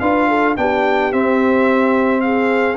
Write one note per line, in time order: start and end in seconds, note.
0.00 0.57 D4
0.00 0.57 F4
0.00 0.29 B4
0.00 0.56 F5
0.29 0.57 A4
0.57 1.13 B3
0.57 1.12 D4
0.57 2.24 G4
0.57 1.13 G5
1.12 2.78 C4
1.12 2.21 E5
2.21 2.78 G#4
2.21 2.77 F5